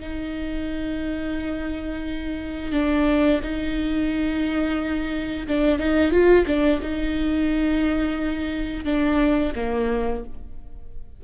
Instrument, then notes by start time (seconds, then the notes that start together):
viola
0.00 D#4
2.72 D4
3.42 D#4
5.47 D4
5.78 D#4
6.11 F4
6.46 D4
6.82 D#4
8.85 D4
9.55 A#3